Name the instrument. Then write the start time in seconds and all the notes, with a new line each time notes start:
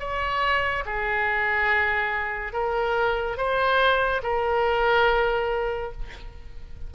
oboe
0.00 C#5
0.86 G#4
2.53 A#4
3.38 C5
4.23 A#4